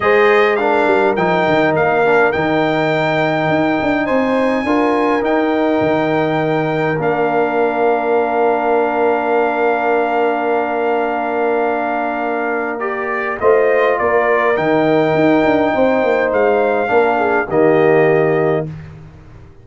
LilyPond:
<<
  \new Staff \with { instrumentName = "trumpet" } { \time 4/4 \tempo 4 = 103 dis''4 f''4 g''4 f''4 | g''2. gis''4~ | gis''4 g''2. | f''1~ |
f''1~ | f''2 d''4 dis''4 | d''4 g''2. | f''2 dis''2 | }
  \new Staff \with { instrumentName = "horn" } { \time 4/4 c''4 ais'2.~ | ais'2. c''4 | ais'1~ | ais'1~ |
ais'1~ | ais'2. c''4 | ais'2. c''4~ | c''4 ais'8 gis'8 g'2 | }
  \new Staff \with { instrumentName = "trombone" } { \time 4/4 gis'4 d'4 dis'4. d'8 | dis'1 | f'4 dis'2. | d'1~ |
d'1~ | d'2 g'4 f'4~ | f'4 dis'2.~ | dis'4 d'4 ais2 | }
  \new Staff \with { instrumentName = "tuba" } { \time 4/4 gis4. g8 f8 dis8 ais4 | dis2 dis'8 d'8 c'4 | d'4 dis'4 dis2 | ais1~ |
ais1~ | ais2. a4 | ais4 dis4 dis'8 d'8 c'8 ais8 | gis4 ais4 dis2 | }
>>